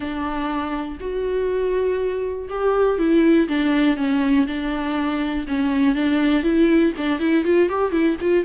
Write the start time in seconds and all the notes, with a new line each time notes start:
0.00 D4
1.00 F#4
2.49 G4
2.98 E4
3.48 D4
3.96 C#4
4.46 D4
5.47 C#4
5.95 D4
6.43 E4
6.97 D4
7.19 E4
7.44 F4
7.69 G4
7.91 E4
8.20 F4